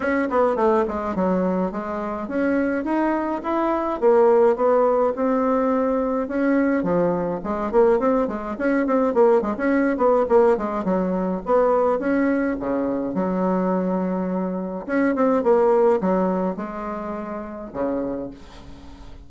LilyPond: \new Staff \with { instrumentName = "bassoon" } { \time 4/4 \tempo 4 = 105 cis'8 b8 a8 gis8 fis4 gis4 | cis'4 dis'4 e'4 ais4 | b4 c'2 cis'4 | f4 gis8 ais8 c'8 gis8 cis'8 c'8 |
ais8 gis16 cis'8. b8 ais8 gis8 fis4 | b4 cis'4 cis4 fis4~ | fis2 cis'8 c'8 ais4 | fis4 gis2 cis4 | }